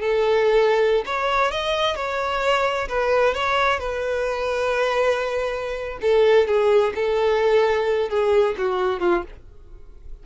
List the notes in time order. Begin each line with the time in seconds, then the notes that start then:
0.00 A4
1.06 C#5
1.51 D#5
1.96 C#5
2.88 B4
3.34 C#5
3.79 B4
6.01 A4
6.47 G#4
6.94 A4
8.09 G#4
8.57 F#4
9.00 F4